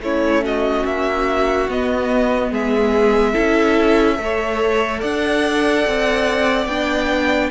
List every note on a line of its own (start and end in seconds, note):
0.00 0.83 A3
0.00 1.68 C#4
0.00 0.44 E4
0.00 0.44 C#5
0.44 2.51 F#4
0.44 0.86 D#5
0.84 1.68 A#3
0.84 1.69 E5
1.68 2.51 B3
1.68 3.34 B3
1.68 2.53 D#5
2.51 3.34 G#3
2.51 3.32 G#4
2.51 5.02 E5
3.32 4.18 C#4
3.32 4.16 E4
3.32 4.16 A4
4.16 5.02 A3
4.16 6.66 A4
4.23 5.00 C#5
5.00 5.86 D4
5.00 7.50 D5
5.00 6.66 F#5
5.86 6.66 C4
6.66 7.49 B3
6.66 7.51 D4
6.66 7.50 G5